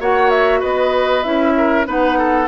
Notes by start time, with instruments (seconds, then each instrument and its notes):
0.00 bassoon A#3, clarinet F#4, oboe C#5, flute F#5
0.30 flute E5
0.60 bassoon B3, oboe B4, flute D#5
1.23 bassoon C#4, clarinet E4, flute E5
1.57 oboe A#4
1.85 bassoon B3, clarinet D#4, oboe B4, flute F#5
2.18 oboe A4